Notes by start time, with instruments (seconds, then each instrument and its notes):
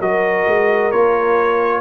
0.00 tuba F#3, trombone F#4, horn A#4, trumpet D#5
0.47 tuba G#3
0.91 tuba A#3, trombone F4, trumpet C#5